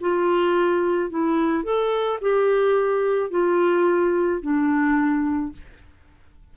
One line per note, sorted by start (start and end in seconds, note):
0.00 1.10 F4
1.10 1.63 E4
1.63 2.19 A4
2.21 3.30 G4
3.30 4.41 F4
4.41 5.52 D4